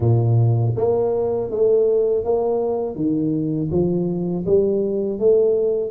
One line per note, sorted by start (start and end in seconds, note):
0.00 0.74 A#2
0.76 1.50 A#3
1.50 2.24 A3
2.24 2.95 A#3
2.95 3.69 D#3
3.71 4.45 F3
4.46 5.19 G3
5.19 5.90 A3